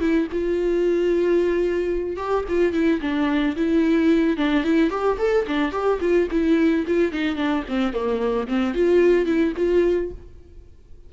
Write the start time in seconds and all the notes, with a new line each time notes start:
0.00 E4
0.31 F4
2.16 G4
2.48 F4
2.73 E4
3.01 D4
3.56 E4
4.37 D4
4.64 E4
4.90 G4
5.18 A4
5.47 D4
5.72 G4
6.00 F4
6.31 E4
6.87 F4
7.12 D#4
7.35 D4
7.68 C4
7.93 A#3
8.47 C4
8.74 F4
9.26 E4
9.57 F4